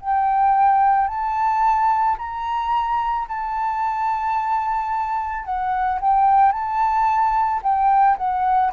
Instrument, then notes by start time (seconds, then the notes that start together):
flute
0.00 G5
1.07 A5
2.17 A#5
3.28 A5
5.44 F#5
6.00 G5
6.52 A5
7.62 G5
8.17 F#5